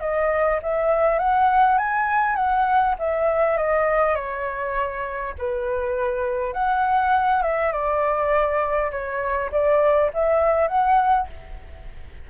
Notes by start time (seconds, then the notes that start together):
0.00 D#5
0.62 E5
1.19 F#5
1.78 G#5
2.35 F#5
2.99 E5
3.57 D#5
4.15 C#5
5.38 B4
6.53 F#5
7.42 E5
7.72 D5
8.91 C#5
9.51 D5
10.13 E5
10.67 F#5